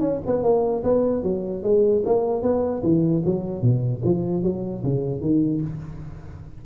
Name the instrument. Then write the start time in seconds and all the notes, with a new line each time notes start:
tuba
0.00 C#4
0.26 B3
0.43 A#3
0.83 B3
1.23 F#3
1.63 G#3
2.05 A#3
2.42 B3
2.83 E3
3.25 F#3
3.62 B2
4.04 F3
4.43 F#3
4.83 C#3
5.21 D#3